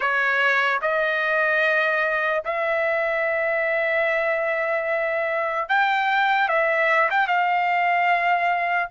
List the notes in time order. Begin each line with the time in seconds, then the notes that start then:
0.00 C#5
0.81 D#5
2.44 E5
5.68 G5
6.48 E5
7.10 G5
7.27 F5